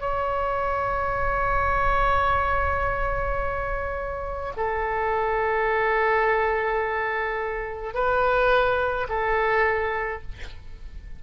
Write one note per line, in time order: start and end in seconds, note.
0.00 4.53 C#5
4.56 7.94 A4
7.94 9.07 B4
9.09 10.22 A4